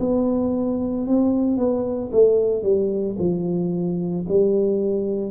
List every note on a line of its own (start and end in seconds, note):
0.00 1.07 B3
1.07 1.57 C4
1.57 2.11 B3
2.12 2.63 A3
2.63 3.17 G3
3.19 4.26 F3
4.29 5.31 G3